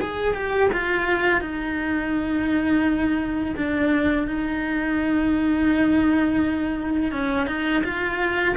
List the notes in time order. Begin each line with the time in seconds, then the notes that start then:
0.00 G#4
0.34 G4
0.72 F4
1.41 D#4
3.56 D4
4.27 D#4
7.11 C#4
7.46 D#4
7.83 F4